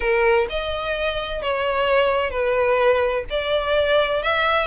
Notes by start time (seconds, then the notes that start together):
0.00 A#4
0.49 D#5
1.42 C#5
2.30 B4
3.30 D5
4.23 E5